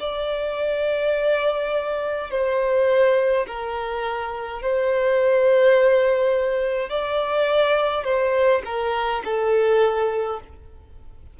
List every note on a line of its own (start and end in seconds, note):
0.00 2.31 D5
2.31 3.46 C5
3.47 4.62 A#4
4.62 6.90 C5
6.90 8.05 D5
8.05 8.62 C5
8.65 9.23 A#4
9.25 10.40 A4